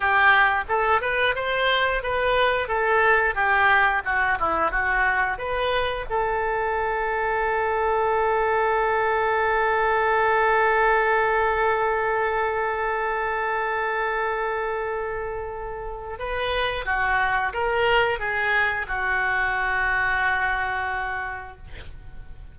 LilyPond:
\new Staff \with { instrumentName = "oboe" } { \time 4/4 \tempo 4 = 89 g'4 a'8 b'8 c''4 b'4 | a'4 g'4 fis'8 e'8 fis'4 | b'4 a'2.~ | a'1~ |
a'1~ | a'1 | b'4 fis'4 ais'4 gis'4 | fis'1 | }